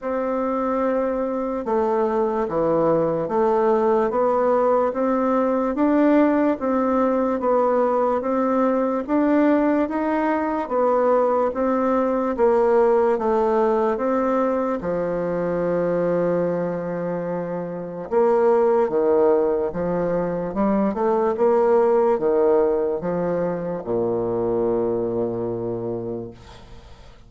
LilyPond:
\new Staff \with { instrumentName = "bassoon" } { \time 4/4 \tempo 4 = 73 c'2 a4 e4 | a4 b4 c'4 d'4 | c'4 b4 c'4 d'4 | dis'4 b4 c'4 ais4 |
a4 c'4 f2~ | f2 ais4 dis4 | f4 g8 a8 ais4 dis4 | f4 ais,2. | }